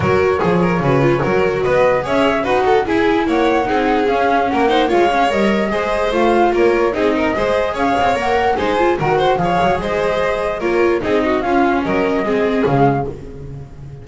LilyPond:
<<
  \new Staff \with { instrumentName = "flute" } { \time 4/4 \tempo 4 = 147 cis''1 | dis''4 e''4 fis''4 gis''4 | fis''2 f''4 fis''4 | f''4 dis''2 f''4 |
cis''4 dis''2 f''4 | fis''4 gis''4 fis''4 f''4 | dis''2 cis''4 dis''4 | f''4 dis''2 f''4 | }
  \new Staff \with { instrumentName = "violin" } { \time 4/4 ais'4 gis'8 ais'8 b'4 ais'4 | b'4 cis''4 b'8 a'8 gis'4 | cis''4 gis'2 ais'8 c''8 | cis''2 c''2 |
ais'4 gis'8 ais'8 c''4 cis''4~ | cis''4 c''4 ais'8 c''8 cis''4 | c''2 ais'4 gis'8 fis'8 | f'4 ais'4 gis'2 | }
  \new Staff \with { instrumentName = "viola" } { \time 4/4 fis'4 gis'4 fis'8 f'8 fis'4~ | fis'4 gis'4 fis'4 e'4~ | e'4 dis'4 cis'4. dis'8 | f'8 cis'8 ais'4 gis'4 f'4~ |
f'4 dis'4 gis'2 | ais'4 dis'8 f'8 fis'4 gis'4~ | gis'2 f'4 dis'4 | cis'2 c'4 gis4 | }
  \new Staff \with { instrumentName = "double bass" } { \time 4/4 fis4 f4 cis4 fis4 | b4 cis'4 dis'4 e'4 | ais4 c'4 cis'4 ais4 | gis4 g4 gis4 a4 |
ais4 c'4 gis4 cis'8 c'8 | ais4 gis4 dis4 f8 fis8 | gis2 ais4 c'4 | cis'4 fis4 gis4 cis4 | }
>>